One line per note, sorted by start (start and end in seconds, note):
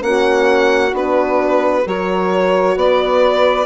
0.00 0.93 A#3
0.00 0.91 C#4
0.00 1.85 F#4
0.00 0.94 F#5
0.94 1.84 B3
0.94 1.84 D4
0.94 1.88 B4
1.85 2.76 F#3
1.85 3.66 F#4
1.85 2.76 A#4
1.85 2.78 C#5
2.76 3.66 B3
2.76 3.66 B4
2.76 3.66 D5